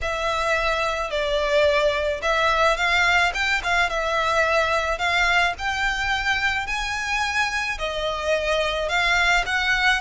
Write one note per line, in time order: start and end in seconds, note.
0.01 1.10 E5
1.10 2.21 D5
2.21 2.76 E5
2.76 3.32 F5
3.34 3.61 G5
3.63 3.89 F5
3.89 4.98 E5
4.98 5.53 F5
5.58 6.67 G5
6.67 7.78 G#5
7.78 8.89 D#5
8.89 9.44 F5
9.46 10.01 F#5